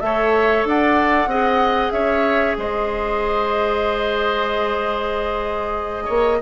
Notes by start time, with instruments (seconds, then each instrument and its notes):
0.00 bassoon A3, clarinet A4, oboe C#5, flute E5
0.64 bassoon D4, oboe D5, flute F#5
1.26 bassoon C4, clarinet G#4, oboe D#5
1.91 bassoon C#4, oboe C#5, flute E5
2.57 bassoon G#3, oboe C5, flute D#5
6.05 bassoon A#3, oboe C#5